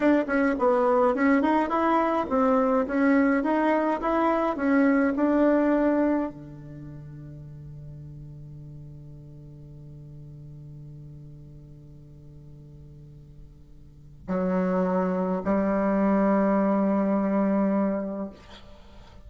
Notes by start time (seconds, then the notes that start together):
0.00 D4
0.26 C#4
0.58 B3
1.15 C#4
1.42 D#4
1.69 E4
2.29 C4
2.86 C#4
3.43 D#4
4.01 E4
4.56 C#4
5.16 D4
6.30 D3
14.27 F#3
15.44 G3